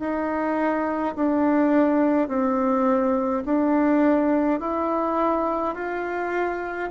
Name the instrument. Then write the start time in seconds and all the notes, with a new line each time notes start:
bassoon
0.00 D#4
1.15 D4
2.28 C4
3.46 D4
4.60 E4
5.75 F4